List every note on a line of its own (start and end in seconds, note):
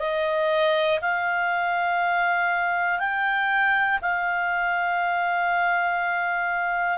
0.00 1.00 D#5
1.02 3.00 F5
3.00 4.00 G5
4.02 6.99 F5